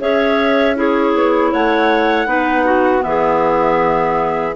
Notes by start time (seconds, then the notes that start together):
0.00 C#4 G#4 C#5 E5
0.75 E4 G#4 C#5
1.14 B3
1.51 A3 C#5 F#5
2.26 B3 D#4 B4
2.65 F#4
2.99 E3 B3 E5
3.07 G#4